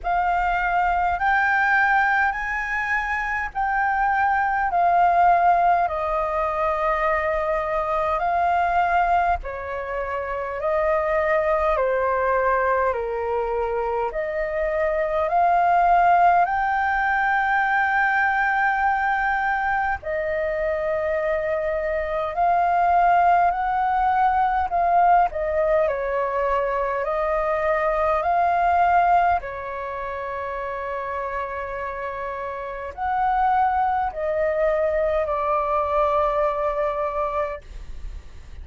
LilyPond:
\new Staff \with { instrumentName = "flute" } { \time 4/4 \tempo 4 = 51 f''4 g''4 gis''4 g''4 | f''4 dis''2 f''4 | cis''4 dis''4 c''4 ais'4 | dis''4 f''4 g''2~ |
g''4 dis''2 f''4 | fis''4 f''8 dis''8 cis''4 dis''4 | f''4 cis''2. | fis''4 dis''4 d''2 | }